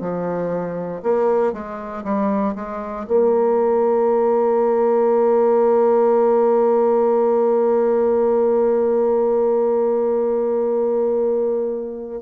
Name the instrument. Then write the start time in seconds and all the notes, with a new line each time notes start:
bassoon
0.00 F3
1.02 A#3
1.52 G#3
2.03 G3
2.55 G#3
3.07 A#3